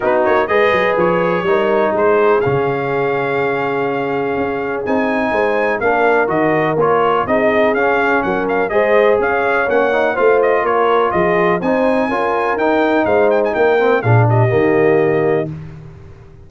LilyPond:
<<
  \new Staff \with { instrumentName = "trumpet" } { \time 4/4 \tempo 4 = 124 b'8 cis''8 dis''4 cis''2 | c''4 f''2.~ | f''2 gis''2 | f''4 dis''4 cis''4 dis''4 |
f''4 fis''8 f''8 dis''4 f''4 | fis''4 f''8 dis''8 cis''4 dis''4 | gis''2 g''4 f''8 g''16 gis''16 | g''4 f''8 dis''2~ dis''8 | }
  \new Staff \with { instrumentName = "horn" } { \time 4/4 fis'4 b'2 ais'4 | gis'1~ | gis'2. c''4 | ais'2. gis'4~ |
gis'4 ais'4 c''4 cis''4~ | cis''4 c''4 ais'4 gis'4 | c''4 ais'2 c''4 | ais'4 gis'8 g'2~ g'8 | }
  \new Staff \with { instrumentName = "trombone" } { \time 4/4 dis'4 gis'2 dis'4~ | dis'4 cis'2.~ | cis'2 dis'2 | d'4 fis'4 f'4 dis'4 |
cis'2 gis'2 | cis'8 dis'8 f'2. | dis'4 f'4 dis'2~ | dis'8 c'8 d'4 ais2 | }
  \new Staff \with { instrumentName = "tuba" } { \time 4/4 b8 ais8 gis8 fis8 f4 g4 | gis4 cis2.~ | cis4 cis'4 c'4 gis4 | ais4 dis4 ais4 c'4 |
cis'4 fis4 gis4 cis'4 | ais4 a4 ais4 f4 | c'4 cis'4 dis'4 gis4 | ais4 ais,4 dis2 | }
>>